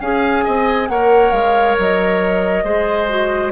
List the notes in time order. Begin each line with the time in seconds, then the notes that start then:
0.00 C#4 G#4 F5 G#5
0.44 C4 D#5
0.88 A#3 A#4 C#5 F#5
1.31 G#3 F5
1.78 F#3 D#5
2.64 G#3 G#4 C5
3.09 F#4